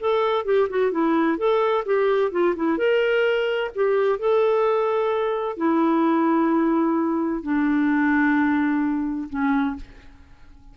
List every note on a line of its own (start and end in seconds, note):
0.00 0.45 A4
0.45 0.68 G4
0.70 0.92 F#4
0.92 1.38 E4
1.38 1.85 A4
1.86 2.32 G4
2.32 2.55 F4
2.56 2.78 E4
2.78 3.71 A#4
3.75 4.19 G4
4.19 5.58 A4
5.58 7.43 E4
7.43 9.29 D4
9.30 9.76 C#4